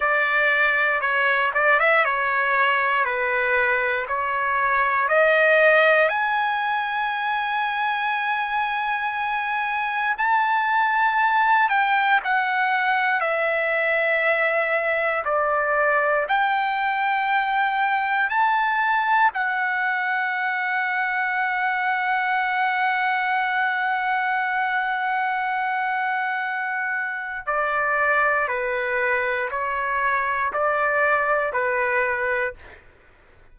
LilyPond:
\new Staff \with { instrumentName = "trumpet" } { \time 4/4 \tempo 4 = 59 d''4 cis''8 d''16 e''16 cis''4 b'4 | cis''4 dis''4 gis''2~ | gis''2 a''4. g''8 | fis''4 e''2 d''4 |
g''2 a''4 fis''4~ | fis''1~ | fis''2. d''4 | b'4 cis''4 d''4 b'4 | }